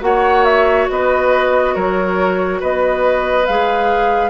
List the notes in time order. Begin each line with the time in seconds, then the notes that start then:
0.00 A#3 F#4 C#5 F#5
0.44 E5
0.90 B3 B4 D#5
1.75 F#3 A#4 C#5
2.60 B3 B4 D#5
3.46 G#3 G#4 F5